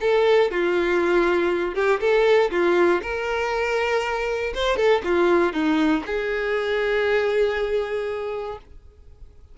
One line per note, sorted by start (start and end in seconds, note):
0.00 0.50 A4
0.51 1.74 F4
1.74 1.99 G4
2.00 2.50 A4
2.50 3.01 F4
3.02 4.53 A#4
4.54 4.76 C5
4.76 5.01 A4
5.04 5.53 F4
5.53 6.03 D#4
6.06 8.58 G#4